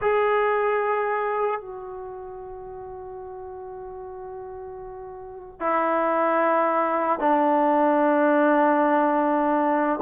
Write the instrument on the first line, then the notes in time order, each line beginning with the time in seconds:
trombone
0.01 G#4
1.60 F#4
5.60 E4
7.19 D4